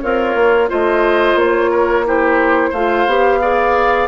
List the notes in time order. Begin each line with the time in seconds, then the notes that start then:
0.00 C4 F4 A#4 C#5
0.35 A#3
0.69 A3 F4 C5 D#5
1.35 A#3 C#5
1.71 A#4
2.06 E4 G4 C5
2.70 A3 F4 C5 F5
3.07 B3 G4
3.42 G#4 D5